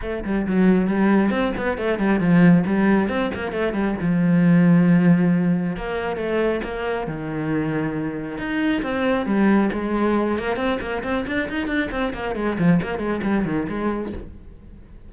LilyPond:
\new Staff \with { instrumentName = "cello" } { \time 4/4 \tempo 4 = 136 a8 g8 fis4 g4 c'8 b8 | a8 g8 f4 g4 c'8 ais8 | a8 g8 f2.~ | f4 ais4 a4 ais4 |
dis2. dis'4 | c'4 g4 gis4. ais8 | c'8 ais8 c'8 d'8 dis'8 d'8 c'8 ais8 | gis8 f8 ais8 gis8 g8 dis8 gis4 | }